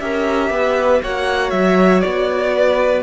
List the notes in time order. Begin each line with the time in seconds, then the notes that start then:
0.00 C#4 G4 A#4 E5
0.50 B3 B4
1.02 A#3 F#4 C#5 F#5
1.51 F#3 E5
2.01 B3 D5
2.54 B4